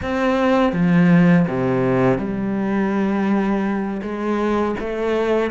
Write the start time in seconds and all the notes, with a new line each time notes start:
0.02 C4
0.73 F3
1.48 C3
2.18 G3
4.02 G#3
4.79 A3